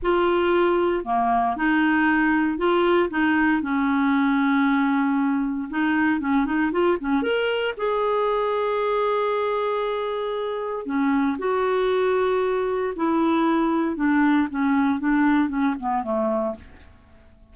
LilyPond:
\new Staff \with { instrumentName = "clarinet" } { \time 4/4 \tempo 4 = 116 f'2 ais4 dis'4~ | dis'4 f'4 dis'4 cis'4~ | cis'2. dis'4 | cis'8 dis'8 f'8 cis'8 ais'4 gis'4~ |
gis'1~ | gis'4 cis'4 fis'2~ | fis'4 e'2 d'4 | cis'4 d'4 cis'8 b8 a4 | }